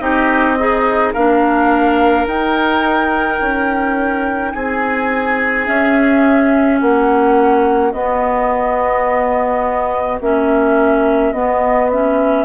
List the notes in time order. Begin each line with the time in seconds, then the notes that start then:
0.00 C4 D#4 G4 D#5
0.59 D#4 G#4
1.13 A#3 D4 A#4 F5
2.27 D#4 G5
3.41 C#4
4.52 C4 G#4 G#5
5.67 C#4 E5
6.79 A#3 F#4 F#5
7.92 B3 D#5
10.21 A#3 C#4 E5
11.33 B3 D#5
11.91 C#4 E5